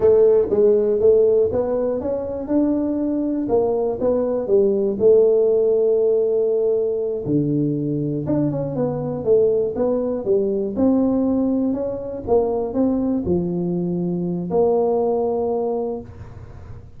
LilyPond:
\new Staff \with { instrumentName = "tuba" } { \time 4/4 \tempo 4 = 120 a4 gis4 a4 b4 | cis'4 d'2 ais4 | b4 g4 a2~ | a2~ a8 d4.~ |
d8 d'8 cis'8 b4 a4 b8~ | b8 g4 c'2 cis'8~ | cis'8 ais4 c'4 f4.~ | f4 ais2. | }